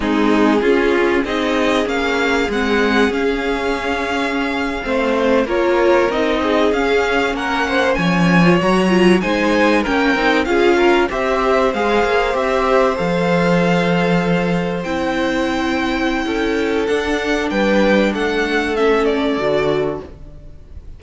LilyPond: <<
  \new Staff \with { instrumentName = "violin" } { \time 4/4 \tempo 4 = 96 gis'2 dis''4 f''4 | fis''4 f''2.~ | f''8. cis''4 dis''4 f''4 fis''16~ | fis''8. gis''4 ais''4 gis''4 g''16~ |
g''8. f''4 e''4 f''4 e''16~ | e''8. f''2. g''16~ | g''2. fis''4 | g''4 fis''4 e''8 d''4. | }
  \new Staff \with { instrumentName = "violin" } { \time 4/4 dis'4 f'4 gis'2~ | gis'2.~ gis'8. c''16~ | c''8. ais'4. gis'4. ais'16~ | ais'16 c''8 cis''2 c''4 ais'16~ |
ais'8. gis'8 ais'8 c''2~ c''16~ | c''1~ | c''2 a'2 | b'4 a'2. | }
  \new Staff \with { instrumentName = "viola" } { \time 4/4 c'4 cis'4 dis'4 cis'4 | c'4 cis'2~ cis'8. c'16~ | c'8. f'4 dis'4 cis'4~ cis'16~ | cis'4. f'16 fis'8 f'8 dis'4 cis'16~ |
cis'16 dis'8 f'4 g'4 gis'4 g'16~ | g'8. a'2. e'16~ | e'2. d'4~ | d'2 cis'4 fis'4 | }
  \new Staff \with { instrumentName = "cello" } { \time 4/4 gis4 cis'4 c'4 ais4 | gis4 cis'2~ cis'8. a16~ | a8. ais4 c'4 cis'4 ais16~ | ais8. f4 fis4 gis4 ais16~ |
ais16 c'8 cis'4 c'4 gis8 ais8 c'16~ | c'8. f2. c'16~ | c'2 cis'4 d'4 | g4 a2 d4 | }
>>